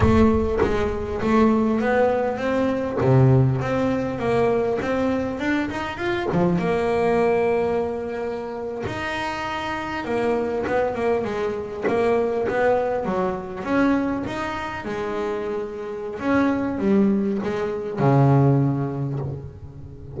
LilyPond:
\new Staff \with { instrumentName = "double bass" } { \time 4/4 \tempo 4 = 100 a4 gis4 a4 b4 | c'4 c4 c'4 ais4 | c'4 d'8 dis'8 f'8 f8 ais4~ | ais2~ ais8. dis'4~ dis'16~ |
dis'8. ais4 b8 ais8 gis4 ais16~ | ais8. b4 fis4 cis'4 dis'16~ | dis'8. gis2~ gis16 cis'4 | g4 gis4 cis2 | }